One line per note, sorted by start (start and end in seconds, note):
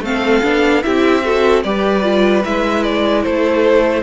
0.00 0.40 A3
0.00 0.42 C4
0.00 0.84 A4
0.00 0.83 F5
0.42 0.84 B3
0.42 0.82 D4
0.83 1.65 C4
0.83 1.23 E4
0.83 1.25 G4
0.83 1.62 E5
1.24 1.64 F#4
1.24 1.63 A4
1.63 2.45 G3
1.63 2.03 G4
1.63 3.23 B4
1.63 2.43 D5
2.03 2.43 F4
2.45 3.25 G#3
2.45 4.03 E4
2.45 2.83 E5
2.83 3.23 D5
3.23 4.03 A3
3.23 4.03 A4
3.23 4.03 C5